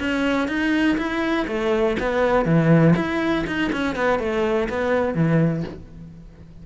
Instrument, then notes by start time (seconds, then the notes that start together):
cello
0.00 C#4
0.49 D#4
0.98 E4
1.48 A3
2.00 B3
2.46 E3
2.97 E4
3.47 D#4
3.73 C#4
3.96 B3
4.20 A3
4.70 B3
5.15 E3